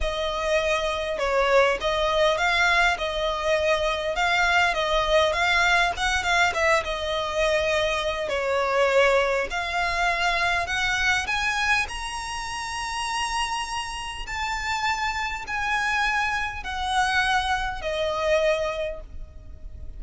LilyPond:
\new Staff \with { instrumentName = "violin" } { \time 4/4 \tempo 4 = 101 dis''2 cis''4 dis''4 | f''4 dis''2 f''4 | dis''4 f''4 fis''8 f''8 e''8 dis''8~ | dis''2 cis''2 |
f''2 fis''4 gis''4 | ais''1 | a''2 gis''2 | fis''2 dis''2 | }